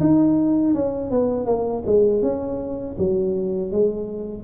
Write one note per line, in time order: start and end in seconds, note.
0.00 0.74 D#4
0.74 1.10 C#4
1.10 1.46 B3
1.46 1.83 A#3
1.86 2.22 G#3
2.22 2.96 C#4
2.98 3.71 F#3
3.71 4.43 G#3